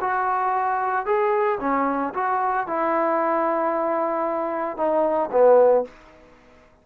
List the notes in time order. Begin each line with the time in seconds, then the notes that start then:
0.00 F#4
1.05 G#4
1.60 C#4
2.14 F#4
2.66 E4
4.76 D#4
5.31 B3